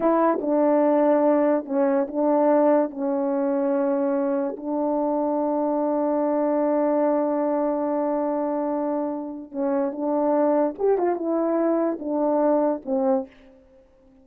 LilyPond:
\new Staff \with { instrumentName = "horn" } { \time 4/4 \tempo 4 = 145 e'4 d'2. | cis'4 d'2 cis'4~ | cis'2. d'4~ | d'1~ |
d'1~ | d'2. cis'4 | d'2 g'8 f'8 e'4~ | e'4 d'2 c'4 | }